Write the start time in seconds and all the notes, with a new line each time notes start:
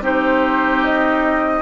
0.00 C4 D#4 G4 C5
0.84 D#5